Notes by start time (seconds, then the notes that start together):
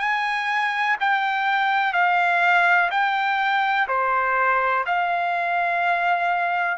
0.00 G#5
1.00 G5
1.94 F5
2.91 G5
3.88 C5
4.87 F5